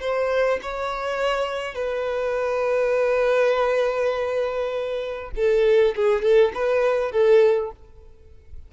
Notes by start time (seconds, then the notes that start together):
0.00 C5
0.62 C#5
1.75 B4
5.35 A4
5.96 G#4
6.22 A4
6.54 B4
7.12 A4